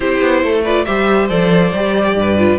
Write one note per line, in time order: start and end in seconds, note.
0.00 0.20 C4
0.00 0.64 E4
0.00 0.42 G4
0.00 0.61 C5
0.21 0.42 B3
0.42 0.85 A3
0.42 0.63 A4
0.63 0.86 F4
0.63 0.85 B4
0.63 0.85 D5
0.85 1.29 G3
0.85 1.29 G4
0.85 2.15 C5
0.85 1.28 E5
1.29 1.72 F3
1.29 1.72 A4
1.29 2.58 D5
1.73 2.14 G3
1.73 2.37 G4
2.14 2.57 G2
2.14 2.58 B4
2.37 2.58 F4